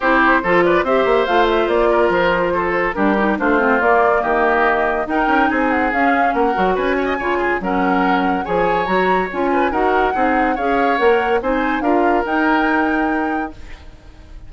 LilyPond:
<<
  \new Staff \with { instrumentName = "flute" } { \time 4/4 \tempo 4 = 142 c''4. d''8 e''4 f''8 e''8 | d''4 c''2 ais'4 | c''4 d''4 dis''2 | g''4 gis''8 fis''8 f''4 fis''4 |
gis''2 fis''2 | gis''4 ais''4 gis''4 fis''4~ | fis''4 f''4 fis''4 gis''4 | f''4 g''2. | }
  \new Staff \with { instrumentName = "oboe" } { \time 4/4 g'4 a'8 b'8 c''2~ | c''8 ais'4. a'4 g'4 | f'2 g'2 | ais'4 gis'2 ais'4 |
b'8 cis''16 dis''16 cis''8 gis'8 ais'2 | cis''2~ cis''8 b'8 ais'4 | gis'4 cis''2 c''4 | ais'1 | }
  \new Staff \with { instrumentName = "clarinet" } { \time 4/4 e'4 f'4 g'4 f'4~ | f'2. d'8 dis'8 | d'8 c'8 ais2. | dis'2 cis'4. fis'8~ |
fis'4 f'4 cis'2 | gis'4 fis'4 f'4 fis'4 | dis'4 gis'4 ais'4 dis'4 | f'4 dis'2. | }
  \new Staff \with { instrumentName = "bassoon" } { \time 4/4 c'4 f4 c'8 ais8 a4 | ais4 f2 g4 | a4 ais4 dis2 | dis'8 cis'8 c'4 cis'4 ais8 fis8 |
cis'4 cis4 fis2 | f4 fis4 cis'4 dis'4 | c'4 cis'4 ais4 c'4 | d'4 dis'2. | }
>>